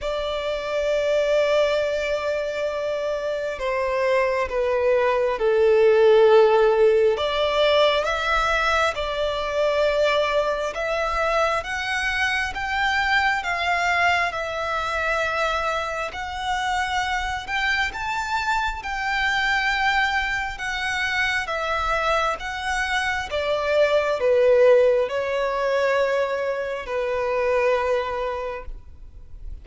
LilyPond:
\new Staff \with { instrumentName = "violin" } { \time 4/4 \tempo 4 = 67 d''1 | c''4 b'4 a'2 | d''4 e''4 d''2 | e''4 fis''4 g''4 f''4 |
e''2 fis''4. g''8 | a''4 g''2 fis''4 | e''4 fis''4 d''4 b'4 | cis''2 b'2 | }